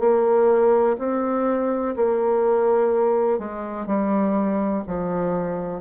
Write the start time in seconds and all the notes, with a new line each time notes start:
0.00 A#3
0.99 C4
1.96 A#3
3.39 G#3
3.87 G3
4.87 F3